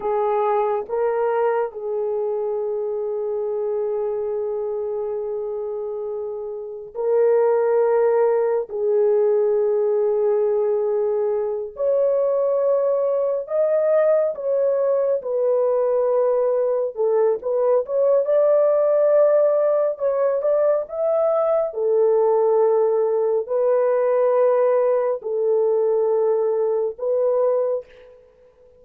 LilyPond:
\new Staff \with { instrumentName = "horn" } { \time 4/4 \tempo 4 = 69 gis'4 ais'4 gis'2~ | gis'1 | ais'2 gis'2~ | gis'4. cis''2 dis''8~ |
dis''8 cis''4 b'2 a'8 | b'8 cis''8 d''2 cis''8 d''8 | e''4 a'2 b'4~ | b'4 a'2 b'4 | }